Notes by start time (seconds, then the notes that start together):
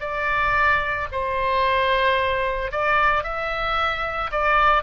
0.00 D5
1.12 C5
2.71 D5
3.23 E5
4.31 D5